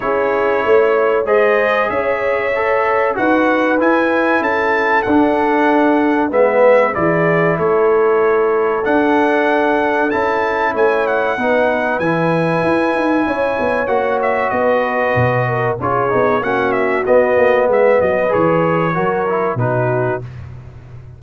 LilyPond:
<<
  \new Staff \with { instrumentName = "trumpet" } { \time 4/4 \tempo 4 = 95 cis''2 dis''4 e''4~ | e''4 fis''4 gis''4 a''4 | fis''2 e''4 d''4 | cis''2 fis''2 |
a''4 gis''8 fis''4. gis''4~ | gis''2 fis''8 e''8 dis''4~ | dis''4 cis''4 fis''8 e''8 dis''4 | e''8 dis''8 cis''2 b'4 | }
  \new Staff \with { instrumentName = "horn" } { \time 4/4 gis'4 cis''4 c''4 cis''4~ | cis''4 b'2 a'4~ | a'2 b'4 gis'4 | a'1~ |
a'4 cis''4 b'2~ | b'4 cis''2 b'4~ | b'8 ais'8 gis'4 fis'2 | b'2 ais'4 fis'4 | }
  \new Staff \with { instrumentName = "trombone" } { \time 4/4 e'2 gis'2 | a'4 fis'4 e'2 | d'2 b4 e'4~ | e'2 d'2 |
e'2 dis'4 e'4~ | e'2 fis'2~ | fis'4 f'8 dis'8 cis'4 b4~ | b4 gis'4 fis'8 e'8 dis'4 | }
  \new Staff \with { instrumentName = "tuba" } { \time 4/4 cis'4 a4 gis4 cis'4~ | cis'4 dis'4 e'4 cis'4 | d'2 gis4 e4 | a2 d'2 |
cis'4 a4 b4 e4 | e'8 dis'8 cis'8 b8 ais4 b4 | b,4 cis'8 b8 ais4 b8 ais8 | gis8 fis8 e4 fis4 b,4 | }
>>